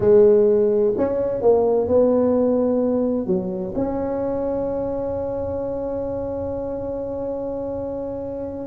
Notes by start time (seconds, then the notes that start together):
0.00 G#3
0.97 C#4
1.41 A#3
1.87 B3
3.26 F#3
3.75 C#4